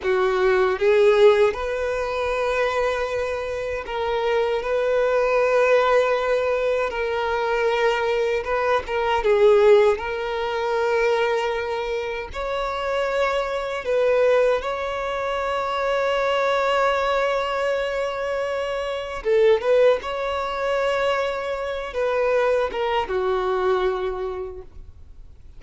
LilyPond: \new Staff \with { instrumentName = "violin" } { \time 4/4 \tempo 4 = 78 fis'4 gis'4 b'2~ | b'4 ais'4 b'2~ | b'4 ais'2 b'8 ais'8 | gis'4 ais'2. |
cis''2 b'4 cis''4~ | cis''1~ | cis''4 a'8 b'8 cis''2~ | cis''8 b'4 ais'8 fis'2 | }